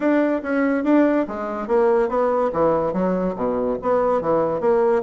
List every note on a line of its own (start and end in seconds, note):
0.00 0.41 D4
0.42 0.84 C#4
0.84 1.26 D4
1.27 1.67 G#3
1.67 2.08 A#3
2.08 2.50 B3
2.52 2.93 E3
2.93 3.35 F#3
3.35 3.77 B2
3.82 4.21 B3
4.21 4.60 E3
4.60 5.02 A#3